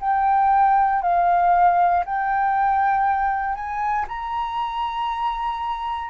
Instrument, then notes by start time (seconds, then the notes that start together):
flute
0.00 G5
1.02 F5
2.05 G5
3.54 G#5
4.08 A#5